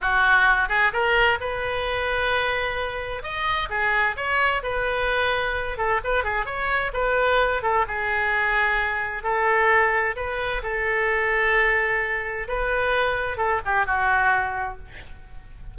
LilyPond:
\new Staff \with { instrumentName = "oboe" } { \time 4/4 \tempo 4 = 130 fis'4. gis'8 ais'4 b'4~ | b'2. dis''4 | gis'4 cis''4 b'2~ | b'8 a'8 b'8 gis'8 cis''4 b'4~ |
b'8 a'8 gis'2. | a'2 b'4 a'4~ | a'2. b'4~ | b'4 a'8 g'8 fis'2 | }